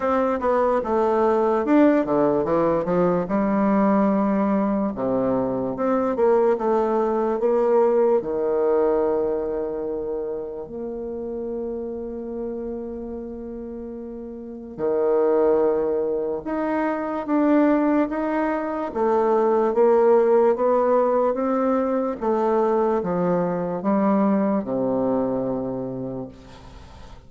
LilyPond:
\new Staff \with { instrumentName = "bassoon" } { \time 4/4 \tempo 4 = 73 c'8 b8 a4 d'8 d8 e8 f8 | g2 c4 c'8 ais8 | a4 ais4 dis2~ | dis4 ais2.~ |
ais2 dis2 | dis'4 d'4 dis'4 a4 | ais4 b4 c'4 a4 | f4 g4 c2 | }